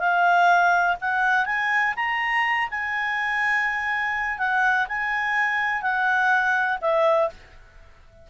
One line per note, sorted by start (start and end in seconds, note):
0.00 0.97 F5
1.02 1.46 F#5
1.46 1.95 G#5
1.97 2.69 A#5
2.71 4.39 G#5
4.39 4.87 F#5
4.89 5.82 G#5
5.82 6.79 F#5
6.82 7.30 E5